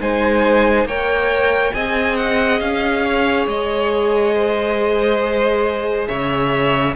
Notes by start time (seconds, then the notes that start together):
0.00 G#3 D#4 C5 G#5
0.84 A#3 A#4 C#5 G5
1.73 C4 G#4 D#5 G#5
2.16 F#5
2.59 C#4 F5
3.04 C#5
3.46 G#3 D#5
4.34 C5
6.07 C#3 C#5 E5